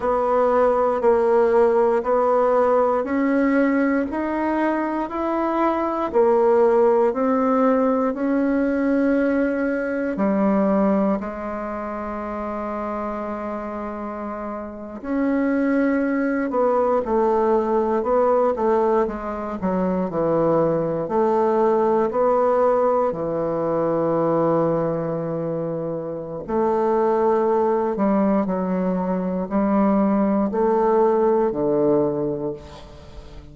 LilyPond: \new Staff \with { instrumentName = "bassoon" } { \time 4/4 \tempo 4 = 59 b4 ais4 b4 cis'4 | dis'4 e'4 ais4 c'4 | cis'2 g4 gis4~ | gis2~ gis8. cis'4~ cis'16~ |
cis'16 b8 a4 b8 a8 gis8 fis8 e16~ | e8. a4 b4 e4~ e16~ | e2 a4. g8 | fis4 g4 a4 d4 | }